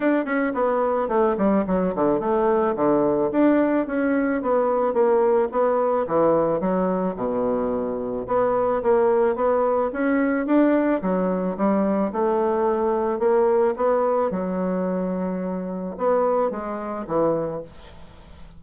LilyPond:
\new Staff \with { instrumentName = "bassoon" } { \time 4/4 \tempo 4 = 109 d'8 cis'8 b4 a8 g8 fis8 d8 | a4 d4 d'4 cis'4 | b4 ais4 b4 e4 | fis4 b,2 b4 |
ais4 b4 cis'4 d'4 | fis4 g4 a2 | ais4 b4 fis2~ | fis4 b4 gis4 e4 | }